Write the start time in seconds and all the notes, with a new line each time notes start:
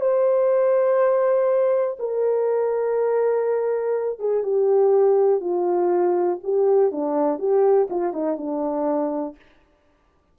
0.00 C5
1.99 A#4
4.19 G#4
4.43 G4
5.40 F4
6.43 G4
6.91 D4
7.38 G4
7.90 F4
8.13 D#4
8.37 D4